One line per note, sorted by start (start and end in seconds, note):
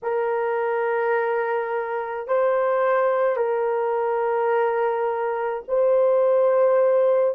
0.02 2.27 A#4
2.27 3.36 C5
3.36 5.62 A#4
5.68 7.35 C5